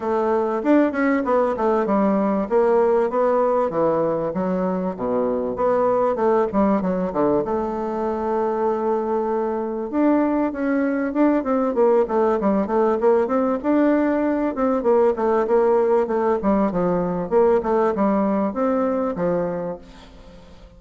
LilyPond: \new Staff \with { instrumentName = "bassoon" } { \time 4/4 \tempo 4 = 97 a4 d'8 cis'8 b8 a8 g4 | ais4 b4 e4 fis4 | b,4 b4 a8 g8 fis8 d8 | a1 |
d'4 cis'4 d'8 c'8 ais8 a8 | g8 a8 ais8 c'8 d'4. c'8 | ais8 a8 ais4 a8 g8 f4 | ais8 a8 g4 c'4 f4 | }